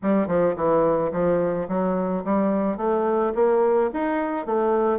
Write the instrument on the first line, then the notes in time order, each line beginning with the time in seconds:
bassoon
0.02 G3
0.27 F3
0.56 E3
1.12 F3
1.68 F#3
2.24 G3
2.77 A3
3.34 A#3
3.93 D#4
4.46 A3